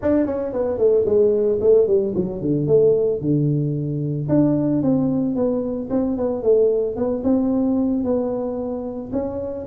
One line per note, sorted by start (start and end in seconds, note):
0.01 0.26 D4
0.26 0.52 C#4
0.53 0.78 B3
0.78 1.04 A3
1.05 1.59 G#3
1.60 1.87 A3
1.87 2.14 G3
2.15 2.41 F#3
2.41 2.67 D3
2.67 3.20 A3
3.20 4.28 D3
4.28 4.82 D4
4.82 5.35 C4
5.35 5.89 B3
5.90 6.16 C4
6.17 6.42 B3
6.42 6.96 A3
6.96 7.22 B3
7.23 8.04 C4
8.04 9.11 B3
9.12 9.66 C#4